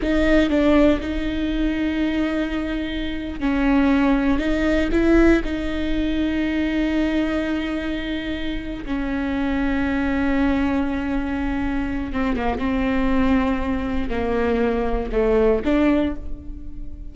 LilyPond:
\new Staff \with { instrumentName = "viola" } { \time 4/4 \tempo 4 = 119 dis'4 d'4 dis'2~ | dis'2~ dis'8. cis'4~ cis'16~ | cis'8. dis'4 e'4 dis'4~ dis'16~ | dis'1~ |
dis'4. cis'2~ cis'8~ | cis'1 | c'8 ais8 c'2. | ais2 a4 d'4 | }